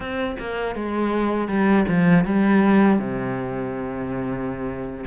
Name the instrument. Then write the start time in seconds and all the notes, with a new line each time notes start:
cello
0.00 C4
0.39 A#3
0.75 G#3
1.48 G3
1.88 F3
2.24 G3
2.98 C3